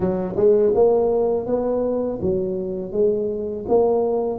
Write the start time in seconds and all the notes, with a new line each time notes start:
0.00 F#3
0.36 G#3
0.75 A#3
1.46 B3
2.22 F#3
2.92 G#3
3.68 A#3